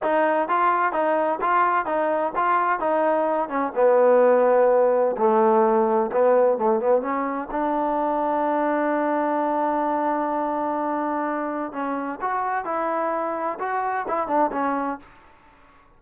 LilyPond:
\new Staff \with { instrumentName = "trombone" } { \time 4/4 \tempo 4 = 128 dis'4 f'4 dis'4 f'4 | dis'4 f'4 dis'4. cis'8 | b2. a4~ | a4 b4 a8 b8 cis'4 |
d'1~ | d'1~ | d'4 cis'4 fis'4 e'4~ | e'4 fis'4 e'8 d'8 cis'4 | }